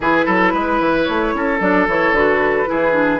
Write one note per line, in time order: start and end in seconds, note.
0.00 0.25 E3
0.00 1.60 E4
0.00 0.25 G#4
0.00 1.04 B4
0.25 0.53 F#3
0.25 0.52 A4
0.53 0.80 G#3
0.53 1.34 B4
0.80 1.06 E3
1.04 1.34 A3
1.04 1.57 C#5
1.34 1.60 C#4
1.34 2.69 A4
1.60 1.87 F#3
1.60 1.87 D4
1.60 1.87 D5
1.87 2.11 E3
1.87 2.14 E4
1.87 2.14 C#5
2.11 2.65 D3
2.11 2.66 F#4
2.11 3.20 B4
2.66 3.20 E3
2.66 2.92 E4
2.66 3.20 G#4
2.92 3.19 D4